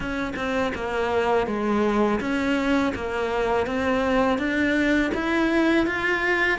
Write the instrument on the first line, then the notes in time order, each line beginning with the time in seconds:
cello
0.00 C#4
0.36 C4
0.74 A#3
1.46 G#3
2.20 C#4
2.95 A#3
3.66 C4
4.38 D4
5.14 E4
5.86 F4